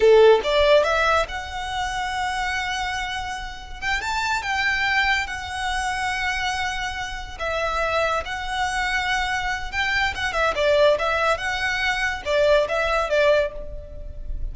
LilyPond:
\new Staff \with { instrumentName = "violin" } { \time 4/4 \tempo 4 = 142 a'4 d''4 e''4 fis''4~ | fis''1~ | fis''4 g''8 a''4 g''4.~ | g''8 fis''2.~ fis''8~ |
fis''4. e''2 fis''8~ | fis''2. g''4 | fis''8 e''8 d''4 e''4 fis''4~ | fis''4 d''4 e''4 d''4 | }